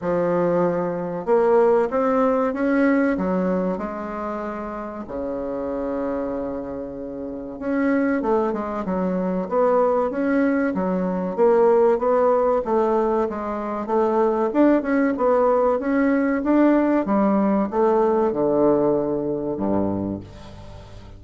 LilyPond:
\new Staff \with { instrumentName = "bassoon" } { \time 4/4 \tempo 4 = 95 f2 ais4 c'4 | cis'4 fis4 gis2 | cis1 | cis'4 a8 gis8 fis4 b4 |
cis'4 fis4 ais4 b4 | a4 gis4 a4 d'8 cis'8 | b4 cis'4 d'4 g4 | a4 d2 g,4 | }